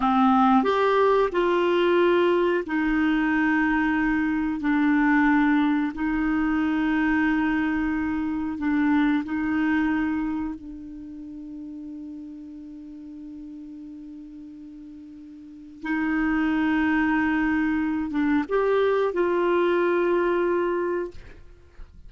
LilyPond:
\new Staff \with { instrumentName = "clarinet" } { \time 4/4 \tempo 4 = 91 c'4 g'4 f'2 | dis'2. d'4~ | d'4 dis'2.~ | dis'4 d'4 dis'2 |
d'1~ | d'1 | dis'2.~ dis'8 d'8 | g'4 f'2. | }